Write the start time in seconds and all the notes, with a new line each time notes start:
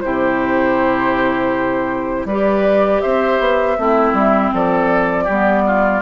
0.00 C3 E4 G4 C5
2.25 G3 G4 B4 D5
3.00 C4 C5 E5
3.39 B3
3.77 A3 C4 E4
4.13 G3
4.53 F3 A4 D5
5.24 G3 B3 G4
5.66 F4